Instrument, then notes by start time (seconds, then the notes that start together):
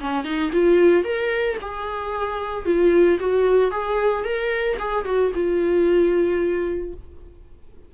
viola
0.00 C#4
0.24 D#4
0.52 F4
1.04 A#4
1.61 G#4
2.65 F4
3.20 F#4
3.71 G#4
4.24 A#4
4.79 G#4
5.05 F#4
5.34 F4